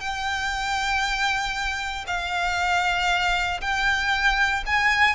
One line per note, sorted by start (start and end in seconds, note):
0.00 2.05 G5
2.07 3.61 F5
3.61 4.64 G5
4.66 5.15 G#5